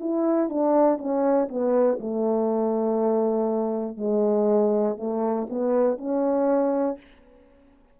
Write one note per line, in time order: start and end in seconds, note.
0.00 0.49 E4
0.49 0.98 D4
0.98 1.48 C#4
1.48 1.98 B3
2.00 3.97 A3
3.97 4.97 G#3
4.97 5.47 A3
5.49 5.97 B3
5.97 6.97 C#4